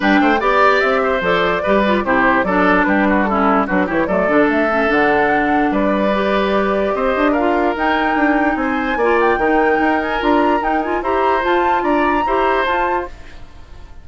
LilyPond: <<
  \new Staff \with { instrumentName = "flute" } { \time 4/4 \tempo 4 = 147 g''4 d''4 e''4 d''4~ | d''4 c''4 d''4 b'4 | a'4 b'8 cis''8 d''4 e''4 | fis''2 d''2~ |
d''4 dis''4 f''4 g''4~ | g''4 gis''4. g''4.~ | g''8 gis''8 ais''4 g''8 gis''8 ais''4 | a''4 ais''2 a''4 | }
  \new Staff \with { instrumentName = "oboe" } { \time 4/4 b'8 c''8 d''4. c''4. | b'4 g'4 a'4 g'8 fis'8 | e'4 fis'8 g'8 a'2~ | a'2 b'2~ |
b'4 c''4 ais'2~ | ais'4 c''4 d''4 ais'4~ | ais'2. c''4~ | c''4 d''4 c''2 | }
  \new Staff \with { instrumentName = "clarinet" } { \time 4/4 d'4 g'2 a'4 | g'8 f'8 e'4 d'2 | cis'4 d'8 e'8 a8 d'4 cis'8 | d'2. g'4~ |
g'2 f'4 dis'4~ | dis'2 f'4 dis'4~ | dis'4 f'4 dis'8 f'8 g'4 | f'2 g'4 f'4 | }
  \new Staff \with { instrumentName = "bassoon" } { \time 4/4 g8 a8 b4 c'4 f4 | g4 c4 fis4 g4~ | g4 fis8 e8 fis8 d8 a4 | d2 g2~ |
g4 c'8 d'4. dis'4 | d'4 c'4 ais4 dis4 | dis'4 d'4 dis'4 e'4 | f'4 d'4 e'4 f'4 | }
>>